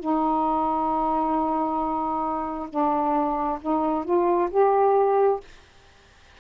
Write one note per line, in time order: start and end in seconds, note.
0.00 2.69 D#4
2.70 3.59 D4
3.62 4.05 D#4
4.05 4.50 F4
4.51 5.40 G4